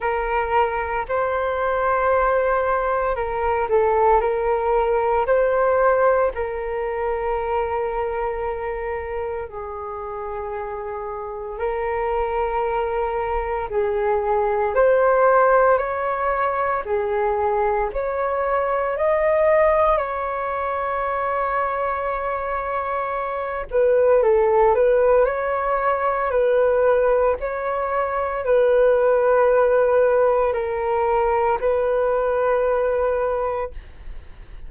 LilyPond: \new Staff \with { instrumentName = "flute" } { \time 4/4 \tempo 4 = 57 ais'4 c''2 ais'8 a'8 | ais'4 c''4 ais'2~ | ais'4 gis'2 ais'4~ | ais'4 gis'4 c''4 cis''4 |
gis'4 cis''4 dis''4 cis''4~ | cis''2~ cis''8 b'8 a'8 b'8 | cis''4 b'4 cis''4 b'4~ | b'4 ais'4 b'2 | }